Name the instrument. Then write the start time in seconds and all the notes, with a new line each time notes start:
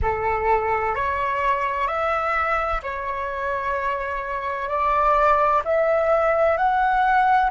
flute
0.02 A4
0.95 C#5
1.87 E5
2.83 C#5
4.68 D5
5.64 E5
6.57 F#5